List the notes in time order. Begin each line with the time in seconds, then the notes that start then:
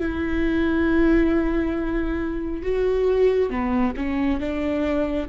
0.00 E4
2.63 F#4
3.50 B3
3.97 C#4
4.40 D4